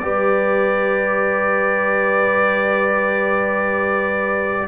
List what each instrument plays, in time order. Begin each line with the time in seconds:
0.00 tuba G3, trombone G4, horn B4, trumpet D5